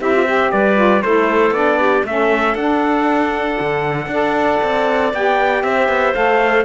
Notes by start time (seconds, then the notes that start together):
0.00 C4 E4 G4 E5
0.13 F4
0.24 G4 C5
0.51 G3 B4 D5
0.75 F4
1.02 A3 E4 A4 C5
1.51 B3 D4 D5
1.80 G4
2.04 A3 C#4 A4 E5
2.54 D4 F#5
3.60 D3
4.07 D4 A4 D5
4.62 C4
5.13 B3 G4 G5
5.62 C4 C5 E5
5.88 B3
6.13 A3 A4 F5